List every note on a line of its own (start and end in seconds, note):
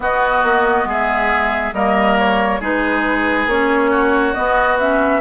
0.00 0.43 B3
0.00 1.73 B3
0.00 0.88 F#4
0.00 0.89 D#5
0.43 0.84 A#3
0.84 1.71 G#3
0.84 1.74 G#4
0.84 1.73 E5
1.72 2.59 G3
1.72 2.61 A#3
1.72 2.60 A#4
1.72 2.17 D#5
2.18 2.61 C#5
2.60 3.46 G#3
2.60 3.47 D#4
2.60 3.90 G#4
2.60 3.48 B4
3.46 4.33 A#3
3.46 4.34 C#4
3.46 4.34 C#5
3.90 5.20 F#4
4.34 4.78 B3
4.34 5.21 B3
4.34 4.77 D#5
4.79 5.21 C#4
4.79 5.21 E5